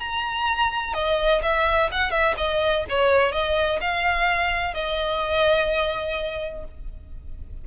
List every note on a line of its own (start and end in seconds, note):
0.00 0.94 A#5
0.94 1.42 D#5
1.43 1.90 E5
1.92 2.11 F#5
2.11 2.35 E5
2.37 2.85 D#5
2.89 3.32 C#5
3.32 3.80 D#5
3.81 4.74 F5
4.74 6.65 D#5